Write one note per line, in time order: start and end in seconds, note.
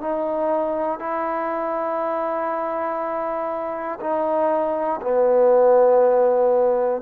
0.00 0.99 D#4
0.99 3.99 E4
4.00 5.00 D#4
5.01 7.01 B3